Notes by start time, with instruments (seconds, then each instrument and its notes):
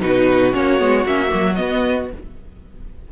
0.00 cello B2, viola D#4, violin F#4 B4
0.52 cello A#3, viola C#4, violin C#5
0.78 cello G#3, viola B3
1.05 cello A#3, viola C#4, violin E5
1.27 viola A#3
1.33 cello F#3
1.55 viola B3, cello B3, violin D#5